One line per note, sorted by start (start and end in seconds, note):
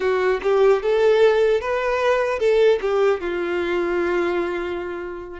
0.00 0.40 F#4
0.42 0.82 G4
0.82 1.60 A4
1.60 2.39 B4
2.39 2.79 A4
2.81 3.20 G4
3.20 5.39 F4